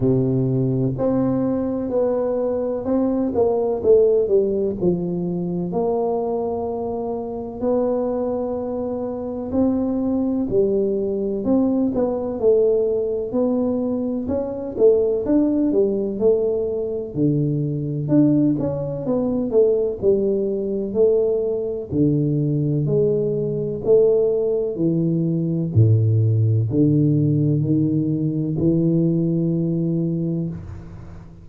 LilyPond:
\new Staff \with { instrumentName = "tuba" } { \time 4/4 \tempo 4 = 63 c4 c'4 b4 c'8 ais8 | a8 g8 f4 ais2 | b2 c'4 g4 | c'8 b8 a4 b4 cis'8 a8 |
d'8 g8 a4 d4 d'8 cis'8 | b8 a8 g4 a4 d4 | gis4 a4 e4 a,4 | d4 dis4 e2 | }